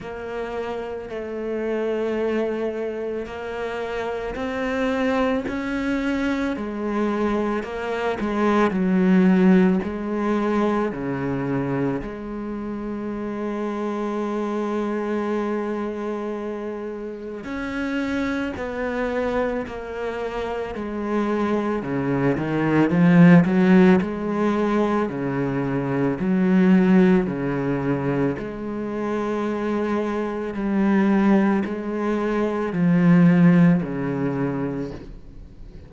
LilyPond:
\new Staff \with { instrumentName = "cello" } { \time 4/4 \tempo 4 = 55 ais4 a2 ais4 | c'4 cis'4 gis4 ais8 gis8 | fis4 gis4 cis4 gis4~ | gis1 |
cis'4 b4 ais4 gis4 | cis8 dis8 f8 fis8 gis4 cis4 | fis4 cis4 gis2 | g4 gis4 f4 cis4 | }